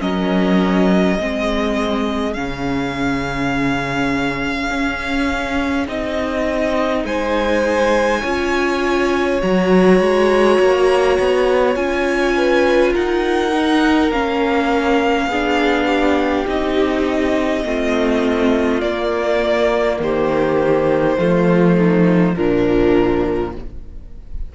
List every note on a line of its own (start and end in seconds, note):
0.00 1.18 F#3
0.00 1.18 C#4
0.00 1.18 A#4
0.00 2.33 D#5
1.18 2.36 G#3
1.18 2.35 C4
1.18 7.06 G#4
2.33 4.70 C#3
2.33 5.87 C#4
2.33 5.86 F5
4.70 5.87 C#4
5.87 7.04 C4
5.87 8.23 D#4
5.87 7.06 D#5
7.04 8.22 G#3
7.04 8.21 C5
7.04 9.41 G#5
8.21 9.41 C#4
8.21 9.41 F4
8.21 12.33 C#5
9.41 10.00 F#3
9.41 11.75 F#4
9.41 11.75 A#5
10.00 10.59 G#3
10.60 11.18 A#3
11.19 11.75 B3
11.75 12.93 C#4
11.75 13.51 F4
11.75 12.93 G#5
12.37 12.93 B4
12.93 14.11 D#4
12.93 15.27 A#4
12.93 14.12 F#5
13.52 14.11 D#4
14.11 15.26 A#3
14.11 15.30 C#4
14.11 16.47 F5
15.26 16.44 B3
15.26 16.46 D4
15.26 15.86 G#4
15.86 17.63 G4
16.46 17.65 C4
16.46 17.63 D#4
16.46 18.81 D#5
17.64 18.82 A3
17.64 18.82 C4
17.64 20.00 F4
18.81 20.00 A#3
18.81 21.17 A#3
18.81 19.98 D5
20.00 21.17 D#3
20.00 21.18 G4
20.00 22.35 C5
21.17 22.36 F3
21.17 22.35 A3
21.17 21.76 F4
21.76 22.35 D#4
22.35 23.55 A#2
22.35 23.54 F3
22.35 23.53 D4
22.35 23.52 A#4